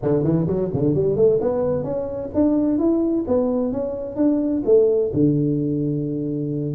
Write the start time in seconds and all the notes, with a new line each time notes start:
0.02 D3
0.23 E3
0.47 F#3
0.73 D3
0.94 G3
1.16 A3
1.40 B3
1.83 C#4
2.34 D4
2.78 E4
3.27 B3
3.72 C#4
4.16 D4
4.65 A3
5.13 D3